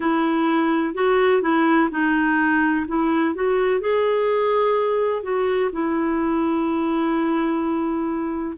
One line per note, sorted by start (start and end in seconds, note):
0.00 0.94 E4
0.94 1.42 F#4
1.42 1.89 E4
1.90 2.86 D#4
2.87 3.34 E4
3.34 3.80 F#4
3.80 5.23 G#4
5.23 5.70 F#4
5.72 8.57 E4